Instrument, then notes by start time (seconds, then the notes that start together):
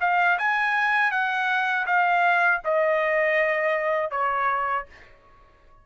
trumpet
0.00 F5
0.38 G#5
1.11 F#5
1.86 F5
2.64 D#5
4.11 C#5